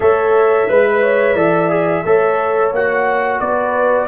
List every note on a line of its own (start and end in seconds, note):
0.00 0.68 A3
0.00 0.68 A4
0.00 0.69 C#5
0.00 2.71 E5
0.68 1.35 G#3
0.68 1.36 B4
0.68 1.01 B4
1.01 1.35 C#5
1.35 2.03 E3
1.35 1.70 A4
1.35 2.03 D5
1.70 2.04 G#4
2.04 2.72 A3
2.04 2.74 A4
2.04 3.41 C#5
2.72 3.40 A#3
2.72 4.07 F#4
2.72 3.39 F#5
3.39 4.07 B3
3.39 4.07 B4
3.39 4.07 D5